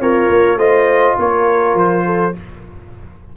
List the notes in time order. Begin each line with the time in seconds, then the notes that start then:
0.00 C4 F4 A#4 C#5
0.29 A#3
0.56 A3 F4 C5 D#5
1.19 A#3 A#4 C#5
1.75 F3 C5
2.06 A4